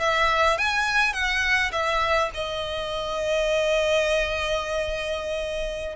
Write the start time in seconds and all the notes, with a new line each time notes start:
0.00 E5
0.58 G#5
1.13 F#5
1.72 E5
2.34 D#5